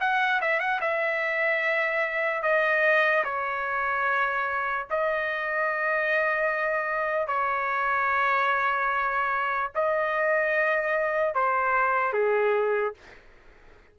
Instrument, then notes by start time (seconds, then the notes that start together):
trumpet
0.00 F#5
0.41 E5
0.60 F#5
0.81 E5
2.43 D#5
3.24 C#5
4.91 D#5
7.28 C#5
9.75 D#5
11.34 C5
12.13 G#4